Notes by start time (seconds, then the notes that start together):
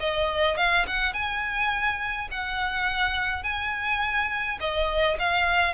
0.00 D#5
0.57 F5
0.88 F#5
1.14 G#5
2.31 F#5
3.44 G#5
4.60 D#5
5.19 F5